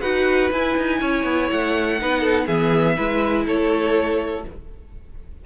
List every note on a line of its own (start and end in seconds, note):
0.00 0.51 D#4
0.00 0.51 F#4
0.00 0.98 B4
0.00 0.50 F#5
0.51 0.76 E4
0.51 1.99 E4
0.51 1.50 G#5
0.77 1.01 D#4
1.01 1.24 C#4
1.01 1.99 C#5
1.24 1.48 B3
1.50 2.01 A3
1.50 2.46 F#5
1.99 2.47 B3
1.99 2.48 D#4
1.99 2.20 B4
2.20 2.44 A4
2.46 2.97 E3
2.46 2.96 B3
2.46 2.95 G#4
2.46 3.45 E5
2.95 3.46 G#3
2.95 4.44 E4
2.95 3.45 B4
3.46 4.45 A3
3.46 4.45 A4
3.46 4.45 C#5